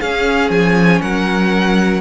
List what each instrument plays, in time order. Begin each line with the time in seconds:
0.00 cello C#4, viola C#4, violin G#4 F5
0.50 cello F3, violin G#5
1.02 cello F#3, violin A#4 F#5